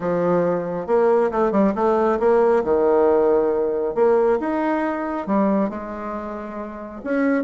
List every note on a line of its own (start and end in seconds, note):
0.00 0.87 F3
0.87 1.30 A#3
1.31 1.51 A3
1.51 1.73 G3
1.75 2.19 A3
2.19 2.63 A#3
2.64 3.94 D#3
3.94 4.38 A#3
4.39 5.27 D#4
5.27 5.69 G3
5.69 7.01 G#3
7.04 7.43 C#4